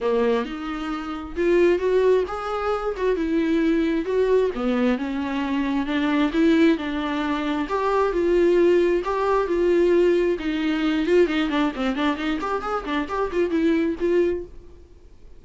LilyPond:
\new Staff \with { instrumentName = "viola" } { \time 4/4 \tempo 4 = 133 ais4 dis'2 f'4 | fis'4 gis'4. fis'8 e'4~ | e'4 fis'4 b4 cis'4~ | cis'4 d'4 e'4 d'4~ |
d'4 g'4 f'2 | g'4 f'2 dis'4~ | dis'8 f'8 dis'8 d'8 c'8 d'8 dis'8 g'8 | gis'8 d'8 g'8 f'8 e'4 f'4 | }